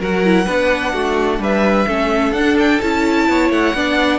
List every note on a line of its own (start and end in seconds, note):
0.00 0.47 F#3
0.00 0.25 F#4
0.00 0.45 A#4
0.00 1.43 F#5
0.25 0.45 E4
0.45 0.94 B3
0.45 1.86 D4
0.45 0.92 B4
0.93 1.39 A3
0.93 1.40 F#4
1.39 1.86 G3
1.39 1.87 B4
1.39 2.33 E5
1.87 2.32 A3
1.87 2.34 C#4
1.87 3.28 A4
2.32 2.79 D4
2.32 2.56 F#5
2.38 2.82 D4
2.59 2.81 G5
2.81 3.29 C#4
2.81 3.75 E4
2.81 3.51 A5
3.29 3.50 B3
3.29 3.76 C#5
3.50 3.74 A3
3.50 4.19 F#5
3.74 4.19 B3
3.74 4.19 D4
3.74 4.19 D5